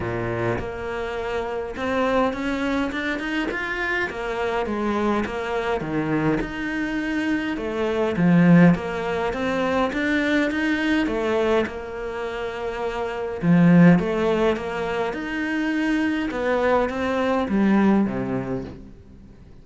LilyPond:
\new Staff \with { instrumentName = "cello" } { \time 4/4 \tempo 4 = 103 ais,4 ais2 c'4 | cis'4 d'8 dis'8 f'4 ais4 | gis4 ais4 dis4 dis'4~ | dis'4 a4 f4 ais4 |
c'4 d'4 dis'4 a4 | ais2. f4 | a4 ais4 dis'2 | b4 c'4 g4 c4 | }